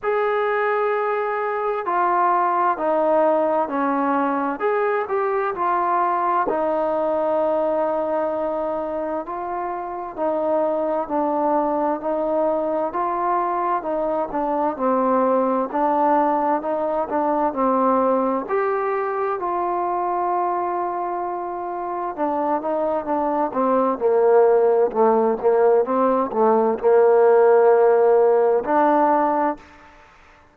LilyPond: \new Staff \with { instrumentName = "trombone" } { \time 4/4 \tempo 4 = 65 gis'2 f'4 dis'4 | cis'4 gis'8 g'8 f'4 dis'4~ | dis'2 f'4 dis'4 | d'4 dis'4 f'4 dis'8 d'8 |
c'4 d'4 dis'8 d'8 c'4 | g'4 f'2. | d'8 dis'8 d'8 c'8 ais4 a8 ais8 | c'8 a8 ais2 d'4 | }